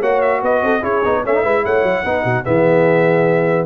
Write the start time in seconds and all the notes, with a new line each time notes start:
0.00 A#3 F#4 C#5 F#5
0.21 E5
0.42 B3 B4 D#5
0.62 C4 A4
0.81 C#4 E4 G#4 C#5
1.04 B3 D#4
1.23 A3 C#4 C#5 E5
1.34 D#4
1.42 G#3 E4 B4
1.64 A3 C#5 F#5
1.83 F#3
2.04 B3 D#4 B4
2.23 B2 F#4
2.44 E3 B3 G#4 E5